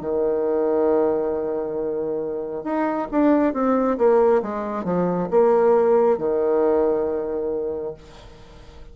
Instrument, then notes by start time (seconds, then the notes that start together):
bassoon
0.00 D#3
2.63 D#4
3.11 D4
3.53 C4
3.97 A#3
4.42 G#3
4.84 F3
5.30 A#3
6.18 D#3